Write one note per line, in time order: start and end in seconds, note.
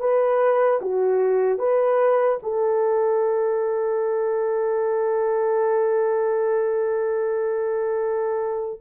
0.00 0.80 B4
0.81 1.59 F#4
1.59 2.39 B4
2.43 8.81 A4